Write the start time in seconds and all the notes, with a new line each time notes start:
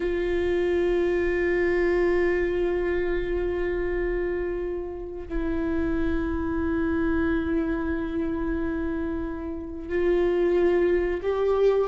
0.00 F4
5.28 E4
9.88 F4
11.22 G4